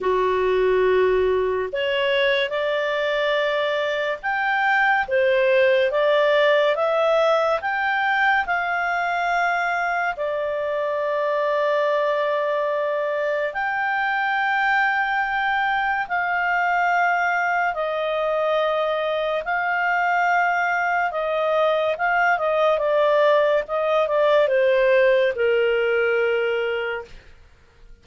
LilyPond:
\new Staff \with { instrumentName = "clarinet" } { \time 4/4 \tempo 4 = 71 fis'2 cis''4 d''4~ | d''4 g''4 c''4 d''4 | e''4 g''4 f''2 | d''1 |
g''2. f''4~ | f''4 dis''2 f''4~ | f''4 dis''4 f''8 dis''8 d''4 | dis''8 d''8 c''4 ais'2 | }